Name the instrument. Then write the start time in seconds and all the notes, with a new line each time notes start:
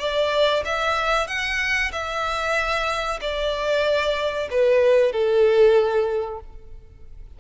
violin
0.00 D5
0.66 E5
1.28 F#5
1.92 E5
3.21 D5
4.51 B4
5.13 A4